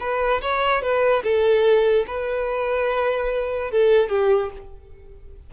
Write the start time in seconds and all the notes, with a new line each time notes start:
0.00 B4
0.41 C#5
0.82 B4
1.24 A4
2.07 B4
3.71 A4
4.09 G4